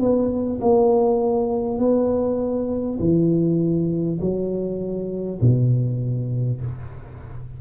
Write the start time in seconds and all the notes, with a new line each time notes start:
0.00 B3
0.61 A#3
1.78 B3
2.99 E3
4.21 F#3
5.41 B2